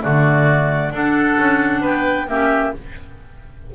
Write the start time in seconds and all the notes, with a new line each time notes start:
0.00 D3 A3 F#4 D5
0.91 D4 A4 F#5
1.38 C#4
1.81 B3 B4 G5
2.27 A#3 C#4 G4 E5